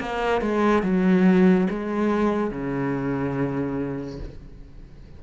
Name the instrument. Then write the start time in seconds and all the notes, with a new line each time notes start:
cello
0.00 A#3
0.42 G#3
0.83 F#3
1.71 G#3
2.51 C#3